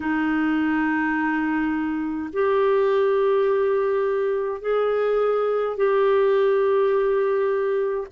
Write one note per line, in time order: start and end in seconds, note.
0.00 2.30 D#4
2.32 4.61 G4
4.61 5.76 G#4
5.76 8.07 G4